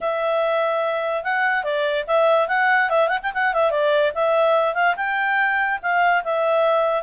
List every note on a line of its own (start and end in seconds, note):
0.00 1.23 E5
1.23 1.63 F#5
1.63 2.04 D5
2.07 2.48 E5
2.48 2.89 F#5
2.89 3.08 E5
3.08 3.18 F#5
3.22 3.32 G5
3.34 3.53 F#5
3.53 3.70 E5
3.70 4.12 D5
4.14 4.74 E5
4.74 4.95 F5
4.96 5.79 G5
5.82 6.23 F5
6.24 7.03 E5